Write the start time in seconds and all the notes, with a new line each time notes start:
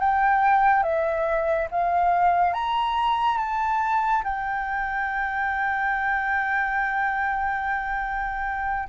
0.00 G5
0.83 E5
1.71 F5
2.54 A#5
3.38 A5
4.24 G5